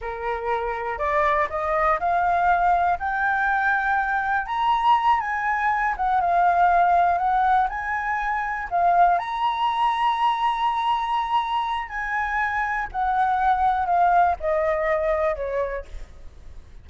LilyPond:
\new Staff \with { instrumentName = "flute" } { \time 4/4 \tempo 4 = 121 ais'2 d''4 dis''4 | f''2 g''2~ | g''4 ais''4. gis''4. | fis''8 f''2 fis''4 gis''8~ |
gis''4. f''4 ais''4.~ | ais''1 | gis''2 fis''2 | f''4 dis''2 cis''4 | }